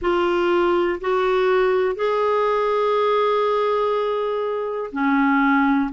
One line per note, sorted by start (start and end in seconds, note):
0.01 0.99 F4
1.00 1.95 F#4
1.95 4.90 G#4
4.92 5.90 C#4